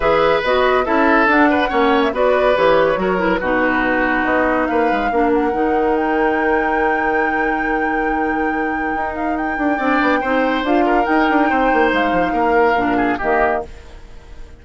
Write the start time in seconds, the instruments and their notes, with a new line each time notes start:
0.00 bassoon E3, clarinet G#4, oboe B4, flute E5
0.43 bassoon B3, clarinet F#4, flute D#5
0.84 bassoon C#4, clarinet E4, oboe A4, flute E5
1.26 bassoon D4, clarinet D4, flute F#5
1.49 oboe B4
1.68 bassoon A#3, clarinet C#4, oboe C#5
2.02 flute E5
2.12 bassoon B3, clarinet F#4, oboe B4, flute D5
2.55 bassoon E3, clarinet G4, flute C#5
2.95 bassoon F#3, clarinet F#4, oboe A#4
3.17 clarinet E4, flute B4
3.40 bassoon B2, clarinet D#4, oboe F#4
4.24 bassoon B3, flute D#5
4.66 bassoon A#3, oboe B4, flute F5
4.91 bassoon G#3
5.11 bassoon A#3, clarinet D4, oboe A#4
5.33 flute F#5
5.52 bassoon D#3, clarinet D#4
5.96 flute G5
8.95 bassoon D#4
9.15 flute F5
9.36 flute G5
9.57 bassoon D4
9.76 bassoon C4, clarinet D4, oboe D5
10.01 bassoon B3
10.20 bassoon C4, clarinet D#4, oboe C5
10.62 bassoon D4, clarinet F4, flute F5
10.85 oboe A#4
11.03 clarinet D#4, bassoon D#4, flute G5
11.29 bassoon D4
11.49 bassoon C4, oboe C5
11.73 bassoon A#3
11.92 bassoon G#3, flute F5
12.12 bassoon F3
12.32 bassoon A#3, oboe A#4
12.74 bassoon A#2, clarinet D4
12.96 oboe G#4
13.17 bassoon D#3, clarinet A#3, oboe G4, flute D#5